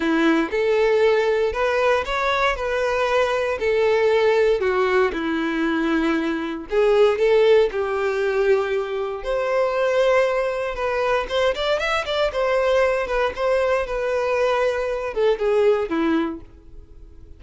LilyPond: \new Staff \with { instrumentName = "violin" } { \time 4/4 \tempo 4 = 117 e'4 a'2 b'4 | cis''4 b'2 a'4~ | a'4 fis'4 e'2~ | e'4 gis'4 a'4 g'4~ |
g'2 c''2~ | c''4 b'4 c''8 d''8 e''8 d''8 | c''4. b'8 c''4 b'4~ | b'4. a'8 gis'4 e'4 | }